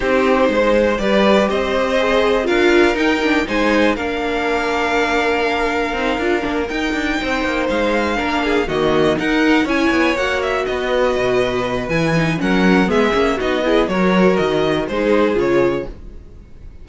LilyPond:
<<
  \new Staff \with { instrumentName = "violin" } { \time 4/4 \tempo 4 = 121 c''2 d''4 dis''4~ | dis''4 f''4 g''4 gis''4 | f''1~ | f''4. g''2 f''8~ |
f''4. dis''4 fis''4 gis''8~ | gis''8 fis''8 e''8 dis''2~ dis''8 | gis''4 fis''4 e''4 dis''4 | cis''4 dis''4 c''4 cis''4 | }
  \new Staff \with { instrumentName = "violin" } { \time 4/4 g'4 c''4 b'4 c''4~ | c''4 ais'2 c''4 | ais'1~ | ais'2~ ais'8 c''4.~ |
c''8 ais'8 gis'8 fis'4 ais'4 cis''8~ | cis''4. b'2~ b'8~ | b'4 ais'4 gis'4 fis'8 gis'8 | ais'2 gis'2 | }
  \new Staff \with { instrumentName = "viola" } { \time 4/4 dis'2 g'2 | gis'4 f'4 dis'8 d'8 dis'4 | d'1 | dis'8 f'8 d'8 dis'2~ dis'8~ |
dis'8 d'4 ais4 dis'4 e'8~ | e'8 fis'2.~ fis'8 | e'8 dis'8 cis'4 b8 cis'8 dis'8 e'8 | fis'2 dis'4 f'4 | }
  \new Staff \with { instrumentName = "cello" } { \time 4/4 c'4 gis4 g4 c'4~ | c'4 d'4 dis'4 gis4 | ais1 | c'8 d'8 ais8 dis'8 d'8 c'8 ais8 gis8~ |
gis8 ais4 dis4 dis'4 cis'8 | b8 ais4 b4 b,4. | e4 fis4 gis8 ais8 b4 | fis4 dis4 gis4 cis4 | }
>>